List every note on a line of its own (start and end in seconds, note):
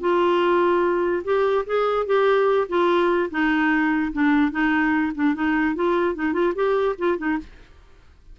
0.00 1.22 F4
1.24 1.64 G4
1.66 2.06 G#4
2.06 2.67 G4
2.68 3.29 F4
3.30 4.12 D#4
4.12 4.51 D4
4.51 5.12 D#4
5.14 5.34 D4
5.34 5.75 D#4
5.75 6.14 F4
6.14 6.32 D#4
6.32 6.53 F4
6.54 6.95 G4
6.98 7.18 F4
7.18 7.38 D#4